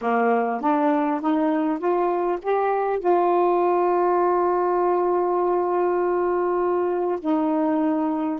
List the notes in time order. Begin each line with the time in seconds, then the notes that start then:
0.01 A#3
0.60 D4
1.21 D#4
1.78 F4
2.42 G4
2.99 F4
7.20 D#4